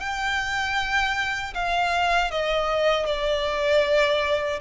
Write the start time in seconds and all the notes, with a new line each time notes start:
0.00 G5
1.54 F5
2.31 D#5
3.06 D5